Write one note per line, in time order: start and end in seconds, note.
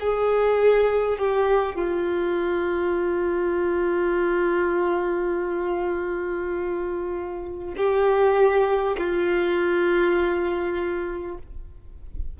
0.00 1.18 G#4
1.18 1.75 G4
1.75 7.75 F4
7.77 8.97 G4
8.98 11.38 F4